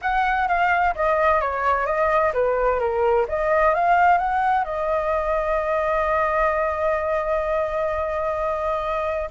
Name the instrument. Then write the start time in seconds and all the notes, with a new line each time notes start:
flute
0.01 F#5
0.48 F5
0.95 D#5
1.40 C#5
1.85 D#5
2.33 B4
2.79 A#4
3.28 D#5
3.74 F5
4.18 F#5
4.64 D#5